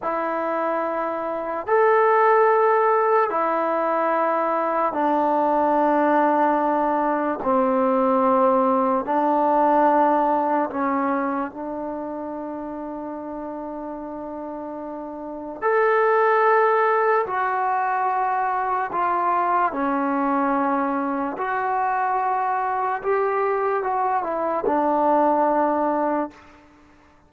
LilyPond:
\new Staff \with { instrumentName = "trombone" } { \time 4/4 \tempo 4 = 73 e'2 a'2 | e'2 d'2~ | d'4 c'2 d'4~ | d'4 cis'4 d'2~ |
d'2. a'4~ | a'4 fis'2 f'4 | cis'2 fis'2 | g'4 fis'8 e'8 d'2 | }